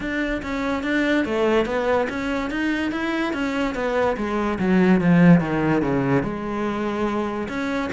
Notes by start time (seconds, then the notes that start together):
0.00 D4
0.42 C#4
0.83 D4
1.25 A3
1.65 B3
2.09 C#4
2.50 D#4
2.91 E4
3.33 C#4
3.74 B3
4.16 G#3
4.59 F#3
5.01 F3
5.40 D#3
5.82 C#3
6.23 G#3
7.48 C#4